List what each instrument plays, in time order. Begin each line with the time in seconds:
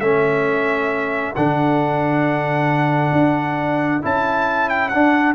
0.00 tuba A3, trombone C#4, horn A4, trumpet E5
1.36 tuba D3, trombone D4, trumpet F#5
3.12 tuba D4
4.02 tuba C#4, trombone E4, trumpet A5
4.69 trumpet G5
4.89 tuba D4, trombone D4, trumpet F#5